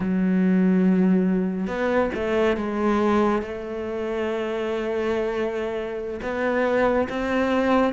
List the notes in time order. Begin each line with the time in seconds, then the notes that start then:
0.00 F#3
1.67 B3
2.14 A3
2.56 G#3
3.42 A3
6.22 B3
7.09 C4